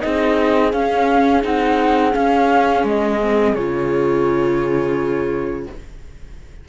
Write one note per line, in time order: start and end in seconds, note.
0.00 0.73 C4
0.00 0.71 D#4
0.00 5.68 G#4
0.00 0.71 D#5
0.72 1.42 C#4
0.72 1.44 C#4
0.72 1.43 F5
1.42 2.14 C4
1.42 2.12 D#4
1.42 2.15 F#5
2.12 3.17 C#4
2.12 2.84 C#4
2.12 2.85 F5
2.84 3.54 G#3
2.84 3.55 D#5
3.21 3.56 C4
3.55 5.67 C#3
3.55 5.69 F4
3.55 5.66 C#5